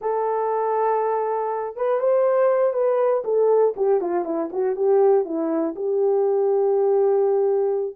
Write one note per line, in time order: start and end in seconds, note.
0.01 1.76 A4
1.76 2.00 B4
2.00 2.73 C5
2.73 3.23 B4
3.24 3.74 A4
3.76 4.00 G4
4.00 4.25 F4
4.25 4.50 E4
4.52 4.75 F#4
4.75 5.24 G4
5.24 5.74 E4
5.75 7.95 G4